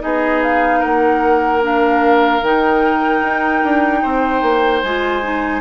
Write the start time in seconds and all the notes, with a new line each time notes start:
0.00 B3 D#4 G#4 D#5
0.43 F5
0.80 A#3 A#4 F#5
1.62 D4 F5
2.42 D#3 D#4 G5
3.22 D#4
3.64 D4
4.03 C4 C5
4.42 A#3
4.83 G#3 F4 G#5
5.23 D#4